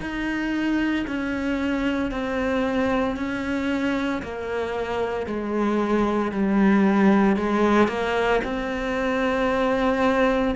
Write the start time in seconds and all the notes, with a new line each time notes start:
0.00 D#4
1.07 C#4
2.11 C4
3.16 C#4
4.22 A#3
5.26 G#3
6.31 G3
7.36 G#3
7.88 A#3
8.44 C4